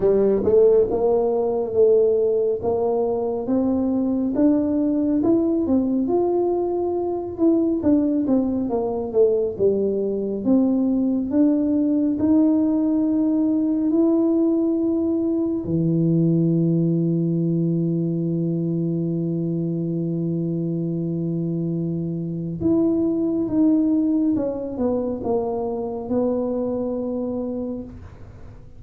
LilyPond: \new Staff \with { instrumentName = "tuba" } { \time 4/4 \tempo 4 = 69 g8 a8 ais4 a4 ais4 | c'4 d'4 e'8 c'8 f'4~ | f'8 e'8 d'8 c'8 ais8 a8 g4 | c'4 d'4 dis'2 |
e'2 e2~ | e1~ | e2 e'4 dis'4 | cis'8 b8 ais4 b2 | }